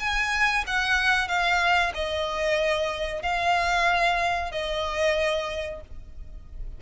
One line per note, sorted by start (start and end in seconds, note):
0.00 0.65 G#5
0.67 1.28 F#5
1.28 1.93 F5
1.95 3.23 D#5
3.23 4.52 F5
4.52 5.81 D#5